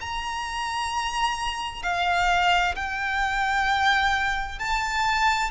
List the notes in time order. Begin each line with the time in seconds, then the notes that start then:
0.00 A#5
1.82 F5
2.75 G5
4.59 A5